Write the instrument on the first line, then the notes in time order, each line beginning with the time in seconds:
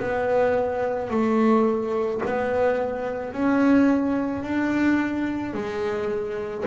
double bass
0.00 B3
1.11 A3
2.26 B3
3.33 C#4
4.43 D4
5.54 G#3